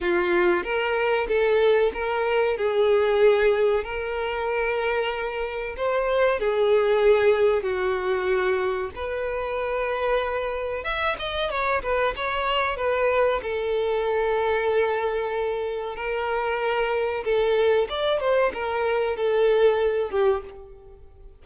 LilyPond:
\new Staff \with { instrumentName = "violin" } { \time 4/4 \tempo 4 = 94 f'4 ais'4 a'4 ais'4 | gis'2 ais'2~ | ais'4 c''4 gis'2 | fis'2 b'2~ |
b'4 e''8 dis''8 cis''8 b'8 cis''4 | b'4 a'2.~ | a'4 ais'2 a'4 | d''8 c''8 ais'4 a'4. g'8 | }